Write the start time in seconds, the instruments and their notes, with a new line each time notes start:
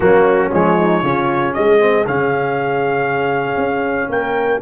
0.00 tuba F#3, trombone A#3, horn C#4, trumpet F#4
0.52 tuba F3, trombone G#3, trumpet C#5
0.77 horn D#4
1.02 tuba C#3, trombone C#4, horn F4
1.53 tuba G#3, horn G#4, trumpet D#5
1.79 trombone C4
2.06 tuba C#3, trombone C#4, trumpet F5
3.56 tuba C#4
4.09 tuba A#3, horn A#4, trumpet G5